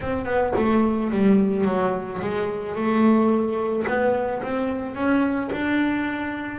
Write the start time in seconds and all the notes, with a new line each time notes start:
0.00 C4
0.25 B3
0.56 A3
1.10 G3
1.65 F#3
2.21 G#3
2.75 A3
3.87 B3
4.42 C4
4.94 C#4
5.52 D4